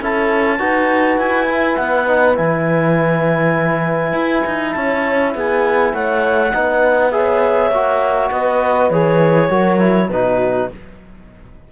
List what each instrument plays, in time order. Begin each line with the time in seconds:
0.00 cello C#4, trombone E4, horn A4, clarinet A5
0.58 cello D#4, trombone F#4, horn B4
1.17 cello E4, clarinet G#5
1.48 trombone E4
1.76 cello B3, clarinet F#5
2.07 trombone D#4
2.34 cello E3, trombone E4, clarinet G#5
4.13 cello E4
4.46 cello D#4
4.72 cello C#4, horn C#5, clarinet A5
5.34 cello B3, horn G#4, clarinet G#5
5.93 cello A3, horn C#5, clarinet F#5
6.52 cello B3, trombone D#4, horn B4
7.11 trombone G#4, horn C#5, clarinet E5
7.70 cello A#3, trombone F#4
8.31 cello B3, horn B4, clarinet D#5
8.90 cello E3, trombone G#4, clarinet C#5
9.49 cello F#3, trombone F#4, horn A#4
9.79 trombone E4
10.08 cello B2, trombone D#4, horn F#4, clarinet B4